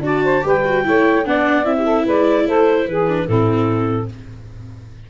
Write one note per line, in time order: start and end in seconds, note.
0.00 0.41 D4
0.00 0.41 F#4
0.00 0.24 D5
0.00 0.46 A5
0.24 0.44 C5
0.41 0.85 G3
0.41 0.61 G4
0.41 0.85 B4
0.47 1.26 G5
0.65 0.84 F#4
0.84 1.26 A3
0.84 1.24 E4
0.84 1.26 C#5
1.25 1.65 B3
1.25 1.65 D4
1.25 1.77 D5
1.25 1.65 F#5
1.65 2.06 C4
1.65 3.06 E4
1.65 2.05 E5
1.78 1.84 G4
1.84 2.04 A4
2.05 2.46 G#3
2.05 2.46 B4
2.05 2.48 D5
2.46 2.86 A3
2.46 2.86 A4
2.46 2.88 C5
2.86 3.27 E3
2.86 3.25 G#4
2.86 3.27 B4
3.08 3.28 D4
3.25 4.09 A2
3.25 4.10 C4
3.25 4.07 E4
3.25 4.09 A4